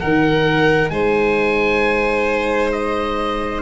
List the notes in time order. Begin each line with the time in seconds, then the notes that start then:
0.00 D#3 D#4 A#4 F#5
0.90 G#3 C5 G#5
2.72 D#5